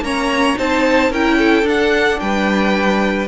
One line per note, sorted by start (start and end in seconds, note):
0.00 0.54 A#3
0.00 0.56 C#4
0.00 0.58 C#5
0.00 0.57 A#5
0.56 1.10 C4
0.56 1.10 D#4
0.56 1.10 C5
0.56 1.12 A5
1.10 1.62 C#4
1.10 1.64 E4
1.10 1.37 A#4
1.10 1.67 G5
1.37 2.18 A4
1.62 2.17 D4
1.62 3.26 D4
1.69 2.19 F#5
2.19 3.27 G3
2.19 3.27 B4
2.19 3.27 G5